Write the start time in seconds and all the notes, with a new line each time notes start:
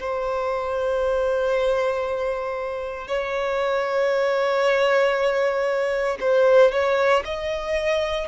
0.00 C5
3.08 C#5
6.21 C5
6.72 C#5
7.25 D#5